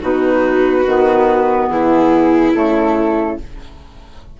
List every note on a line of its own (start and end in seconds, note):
0.00 0.86 B2
0.00 0.85 D#4
0.00 1.70 F#4
0.00 1.68 B4
0.85 1.69 D#3
0.85 2.54 B3
1.68 2.53 E3
1.68 3.40 E4
1.68 2.53 G#4
2.54 3.39 C#3
2.54 3.38 A3
2.54 3.39 A4